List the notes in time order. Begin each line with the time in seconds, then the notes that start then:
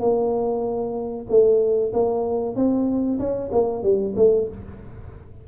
0.00 A#3
1.29 A3
1.93 A#3
2.56 C4
3.19 C#4
3.52 A#3
3.83 G3
4.16 A3